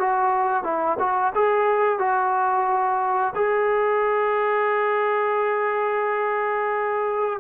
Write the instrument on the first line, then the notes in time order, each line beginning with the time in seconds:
trombone
0.00 F#4
0.64 E4
1.00 F#4
1.35 G#4
1.99 F#4
3.36 G#4